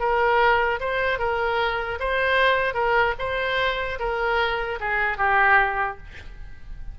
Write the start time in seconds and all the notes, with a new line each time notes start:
0.00 A#4
0.80 C5
1.19 A#4
2.00 C5
2.74 A#4
3.19 C5
4.00 A#4
4.80 G#4
5.18 G4